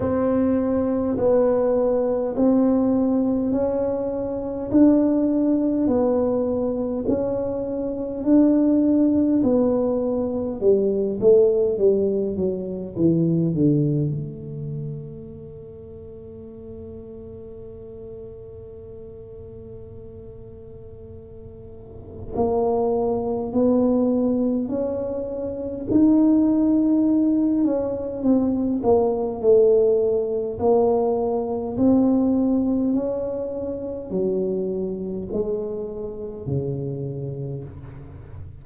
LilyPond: \new Staff \with { instrumentName = "tuba" } { \time 4/4 \tempo 4 = 51 c'4 b4 c'4 cis'4 | d'4 b4 cis'4 d'4 | b4 g8 a8 g8 fis8 e8 d8 | a1~ |
a2. ais4 | b4 cis'4 dis'4. cis'8 | c'8 ais8 a4 ais4 c'4 | cis'4 fis4 gis4 cis4 | }